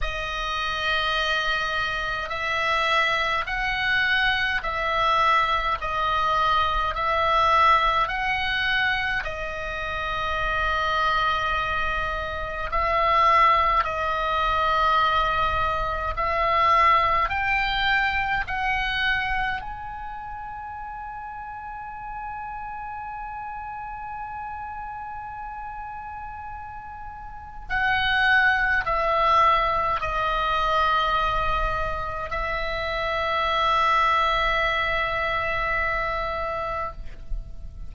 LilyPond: \new Staff \with { instrumentName = "oboe" } { \time 4/4 \tempo 4 = 52 dis''2 e''4 fis''4 | e''4 dis''4 e''4 fis''4 | dis''2. e''4 | dis''2 e''4 g''4 |
fis''4 gis''2.~ | gis''1 | fis''4 e''4 dis''2 | e''1 | }